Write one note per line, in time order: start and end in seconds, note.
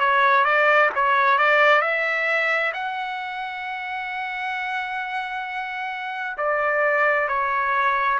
0.00 0.44 C#5
0.44 0.90 D5
0.95 1.38 C#5
1.38 1.81 D5
1.81 2.72 E5
2.73 6.37 F#5
6.37 7.28 D5
7.28 8.19 C#5